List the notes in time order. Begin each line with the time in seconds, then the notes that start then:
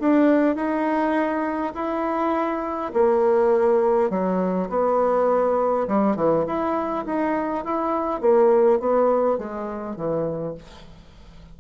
0.00 D4
0.56 D#4
1.75 E4
2.94 A#3
4.10 F#3
4.70 B3
5.88 G3
6.16 E3
6.47 E4
7.06 D#4
7.65 E4
8.21 A#3
8.80 B3
9.38 G#3
9.96 E3